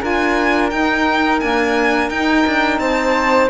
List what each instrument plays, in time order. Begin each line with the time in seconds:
0.00 cello D4, saxophone F4, flute A#4, violin G#5
0.70 saxophone D#4, cello D#4, violin G5
1.40 saxophone A#3, cello D4, violin G#5
2.09 cello D#4, saxophone D#4, violin G5
2.47 cello D4
2.79 cello C4, flute C5, violin A5